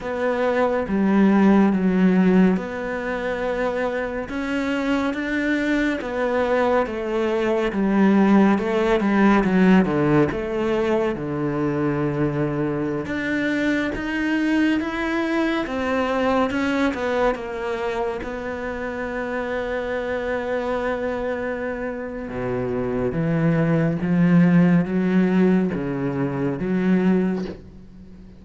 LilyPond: \new Staff \with { instrumentName = "cello" } { \time 4/4 \tempo 4 = 70 b4 g4 fis4 b4~ | b4 cis'4 d'4 b4 | a4 g4 a8 g8 fis8 d8 | a4 d2~ d16 d'8.~ |
d'16 dis'4 e'4 c'4 cis'8 b16~ | b16 ais4 b2~ b8.~ | b2 b,4 e4 | f4 fis4 cis4 fis4 | }